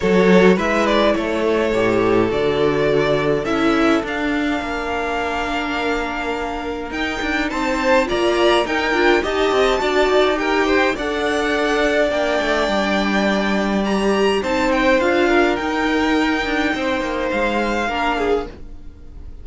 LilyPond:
<<
  \new Staff \with { instrumentName = "violin" } { \time 4/4 \tempo 4 = 104 cis''4 e''8 d''8 cis''2 | d''2 e''4 f''4~ | f''1 | g''4 a''4 ais''4 g''4 |
a''2 g''4 fis''4~ | fis''4 g''2. | ais''4 a''8 g''8 f''4 g''4~ | g''2 f''2 | }
  \new Staff \with { instrumentName = "violin" } { \time 4/4 a'4 b'4 a'2~ | a'1 | ais'1~ | ais'4 c''4 d''4 ais'4 |
dis''4 d''4 ais'8 c''8 d''4~ | d''1~ | d''4 c''4. ais'4.~ | ais'4 c''2 ais'8 gis'8 | }
  \new Staff \with { instrumentName = "viola" } { \time 4/4 fis'4 e'2 g'4 | fis'2 e'4 d'4~ | d'1 | dis'2 f'4 dis'8 f'8 |
g'4 fis'4 g'4 a'4~ | a'4 d'2. | g'4 dis'4 f'4 dis'4~ | dis'2. d'4 | }
  \new Staff \with { instrumentName = "cello" } { \time 4/4 fis4 gis4 a4 a,4 | d2 cis'4 d'4 | ais1 | dis'8 d'8 c'4 ais4 dis'8 d'8 |
dis'8 c'8 d'8 dis'4. d'4~ | d'4 ais8 a8 g2~ | g4 c'4 d'4 dis'4~ | dis'8 d'8 c'8 ais8 gis4 ais4 | }
>>